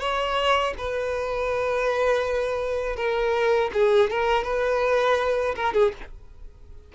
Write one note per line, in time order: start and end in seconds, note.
0.00 0.74 C#5
0.78 2.97 B4
2.97 3.71 A#4
3.74 4.10 G#4
4.10 4.44 A#4
4.44 5.55 B4
5.56 5.74 A#4
5.74 5.92 G#4